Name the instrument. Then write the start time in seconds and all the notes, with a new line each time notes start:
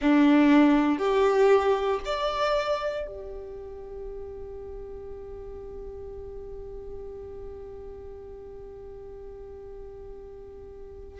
violin
0.00 D4
0.98 G4
2.05 D5
3.06 G4